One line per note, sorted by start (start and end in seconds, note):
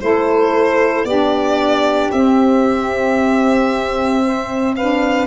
0.00 1.04 A3
0.00 1.06 E4
0.00 1.05 A4
0.00 1.05 C5
1.04 2.09 B3
1.04 2.13 D4
1.04 4.21 G4
1.04 2.10 D5
2.11 5.27 C4
2.11 4.76 C4
2.11 4.74 E5
4.27 4.76 C5
4.76 5.27 D4
4.76 5.27 B4
4.76 5.27 F5